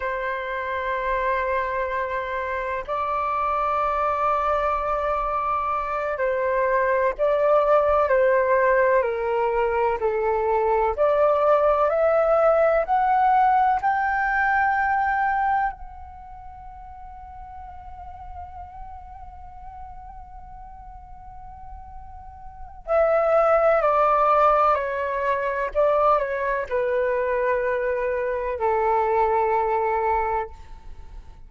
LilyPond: \new Staff \with { instrumentName = "flute" } { \time 4/4 \tempo 4 = 63 c''2. d''4~ | d''2~ d''8 c''4 d''8~ | d''8 c''4 ais'4 a'4 d''8~ | d''8 e''4 fis''4 g''4.~ |
g''8 fis''2.~ fis''8~ | fis''1 | e''4 d''4 cis''4 d''8 cis''8 | b'2 a'2 | }